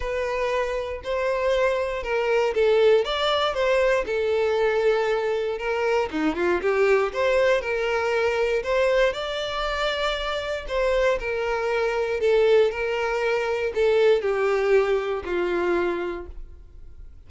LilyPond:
\new Staff \with { instrumentName = "violin" } { \time 4/4 \tempo 4 = 118 b'2 c''2 | ais'4 a'4 d''4 c''4 | a'2. ais'4 | dis'8 f'8 g'4 c''4 ais'4~ |
ais'4 c''4 d''2~ | d''4 c''4 ais'2 | a'4 ais'2 a'4 | g'2 f'2 | }